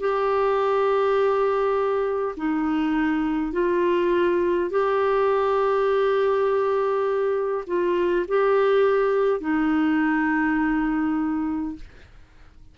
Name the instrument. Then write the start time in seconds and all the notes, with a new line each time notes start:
clarinet
0.00 G4
2.37 D#4
3.52 F4
4.70 G4
7.67 F4
8.28 G4
9.40 D#4